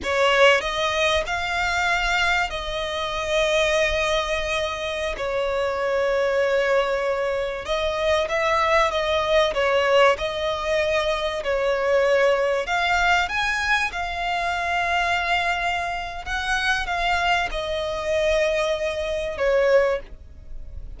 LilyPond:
\new Staff \with { instrumentName = "violin" } { \time 4/4 \tempo 4 = 96 cis''4 dis''4 f''2 | dis''1~ | dis''16 cis''2.~ cis''8.~ | cis''16 dis''4 e''4 dis''4 cis''8.~ |
cis''16 dis''2 cis''4.~ cis''16~ | cis''16 f''4 gis''4 f''4.~ f''16~ | f''2 fis''4 f''4 | dis''2. cis''4 | }